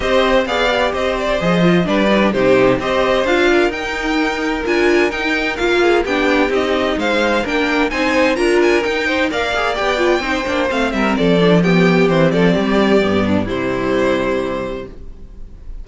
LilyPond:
<<
  \new Staff \with { instrumentName = "violin" } { \time 4/4 \tempo 4 = 129 dis''4 f''4 dis''8 d''8 dis''4 | d''4 c''4 dis''4 f''4 | g''2 gis''4 g''4 | f''4 g''4 dis''4 f''4 |
g''4 gis''4 ais''8 gis''8 g''4 | f''4 g''2 f''8 e''8 | d''4 g''4 c''8 d''4.~ | d''4 c''2. | }
  \new Staff \with { instrumentName = "violin" } { \time 4/4 c''4 d''4 c''2 | b'4 g'4 c''4. ais'8~ | ais'1~ | ais'8 gis'8 g'2 c''4 |
ais'4 c''4 ais'4. c''8 | d''2 c''4. ais'8 | a'4 g'4. a'8 g'4~ | g'8 d'8 e'2. | }
  \new Staff \with { instrumentName = "viola" } { \time 4/4 g'4 gis'8 g'4. gis'8 f'8 | d'8 dis'16 d'16 dis'4 g'4 f'4 | dis'2 f'4 dis'4 | f'4 d'4 dis'2 |
d'4 dis'4 f'4 dis'4 | ais'8 gis'8 g'8 f'8 dis'8 d'8 c'4~ | c'8 d'8 b4 c'2 | b4 g2. | }
  \new Staff \with { instrumentName = "cello" } { \time 4/4 c'4 b4 c'4 f4 | g4 c4 c'4 d'4 | dis'2 d'4 dis'4 | ais4 b4 c'4 gis4 |
ais4 c'4 d'4 dis'4 | ais4 b4 c'8 ais8 a8 g8 | f2 e8 f8 g4 | g,4 c2. | }
>>